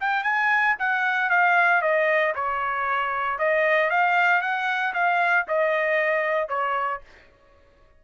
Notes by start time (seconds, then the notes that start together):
0.00 G5
0.23 G#5
0.79 F#5
1.30 F5
1.82 D#5
2.35 C#5
3.38 D#5
3.90 F5
4.41 F#5
4.94 F5
5.48 D#5
6.49 C#5